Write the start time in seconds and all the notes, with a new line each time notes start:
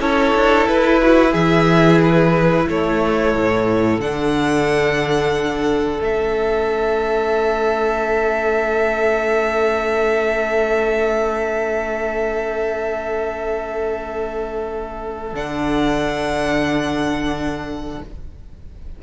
0.00 C#4 E4 A4 C#5
0.35 D4
0.67 E4 B4
1.02 F#4
1.31 E3 G#4 E5
2.02 B4
2.69 A3 A4 C#5
3.35 A2
4.00 D3 D4 F#5
6.00 A3 C#4 E5
15.33 D3 D4 F#5